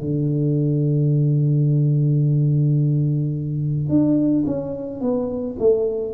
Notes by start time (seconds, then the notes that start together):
0.00 D3
3.88 D4
4.45 C#4
5.00 B3
5.59 A3